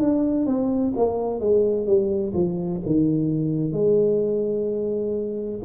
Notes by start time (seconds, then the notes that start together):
0.00 D4
0.46 C4
0.96 A#3
1.40 G#3
1.87 G3
2.34 F3
2.86 D#3
3.72 G#3